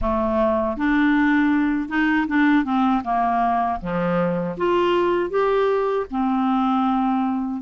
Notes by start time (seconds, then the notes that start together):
0.01 A3
0.76 D4
1.88 D#4
2.27 D4
2.64 C4
3.04 A#3
3.80 F3
4.57 F4
5.30 G4
6.10 C4